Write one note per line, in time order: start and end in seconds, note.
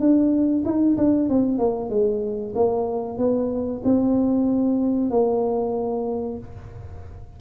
0.00 0.64 D4
0.65 0.97 D#4
0.97 1.29 D4
1.29 1.58 C4
1.58 1.89 A#3
1.89 2.53 G#3
2.55 3.18 A#3
3.18 3.82 B3
3.84 5.10 C4
5.10 6.38 A#3